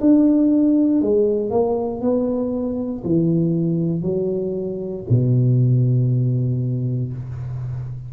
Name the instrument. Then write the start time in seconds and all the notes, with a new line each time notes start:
tuba
0.00 D4
1.01 G#3
1.50 A#3
2.01 B3
3.04 E3
4.02 F#3
5.09 B2